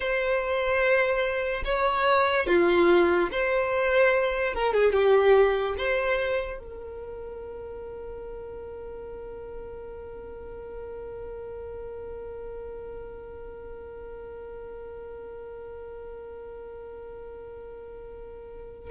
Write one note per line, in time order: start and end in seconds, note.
0.00 1.63 C5
1.64 2.47 C#5
2.47 3.29 F4
3.31 4.54 C5
4.54 4.73 A#4
4.73 4.92 G#4
4.92 5.75 G4
5.77 6.58 C5
6.58 18.90 A#4